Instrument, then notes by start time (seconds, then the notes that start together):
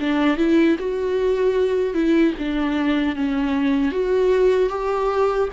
viola
0.00 D4
0.37 E4
0.79 F#4
1.94 E4
2.39 D4
3.16 C#4
3.92 F#4
4.69 G4